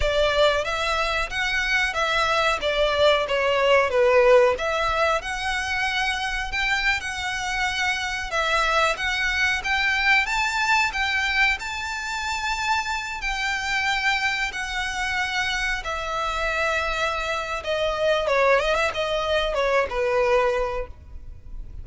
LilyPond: \new Staff \with { instrumentName = "violin" } { \time 4/4 \tempo 4 = 92 d''4 e''4 fis''4 e''4 | d''4 cis''4 b'4 e''4 | fis''2 g''8. fis''4~ fis''16~ | fis''8. e''4 fis''4 g''4 a''16~ |
a''8. g''4 a''2~ a''16~ | a''16 g''2 fis''4.~ fis''16~ | fis''16 e''2~ e''8. dis''4 | cis''8 dis''16 e''16 dis''4 cis''8 b'4. | }